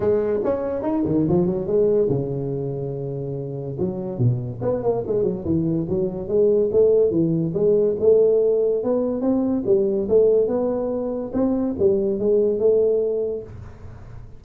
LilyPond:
\new Staff \with { instrumentName = "tuba" } { \time 4/4 \tempo 4 = 143 gis4 cis'4 dis'8 dis8 f8 fis8 | gis4 cis2.~ | cis4 fis4 b,4 b8 ais8 | gis8 fis8 e4 fis4 gis4 |
a4 e4 gis4 a4~ | a4 b4 c'4 g4 | a4 b2 c'4 | g4 gis4 a2 | }